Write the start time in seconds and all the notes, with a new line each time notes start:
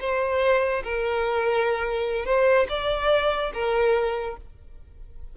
0.00 C5
0.84 A#4
2.25 C5
2.69 D5
3.54 A#4